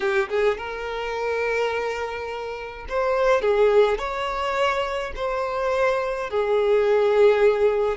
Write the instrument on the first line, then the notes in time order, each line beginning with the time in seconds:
violin
0.00 G4
0.29 G#4
0.57 A#4
2.89 C5
3.41 G#4
3.98 C#5
5.15 C5
6.29 G#4